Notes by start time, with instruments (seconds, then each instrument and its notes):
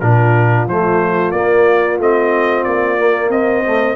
0.00 tuba A#2, trombone D4, horn F4, trumpet A#4
0.66 tuba F3, trombone A3, trumpet C5
1.31 tuba A#3, trombone A#3, trumpet D5
1.98 tuba A3, trombone C4, trumpet D#5
2.64 tuba A#3, trumpet D5
2.99 trombone A#3
3.29 tuba C4, horn C5, trumpet D#5
3.65 trombone A3